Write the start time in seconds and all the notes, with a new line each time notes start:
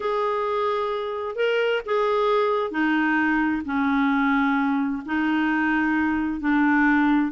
0.00 G#4
1.35 A#4
1.85 G#4
2.70 D#4
3.65 C#4
5.05 D#4
6.40 D4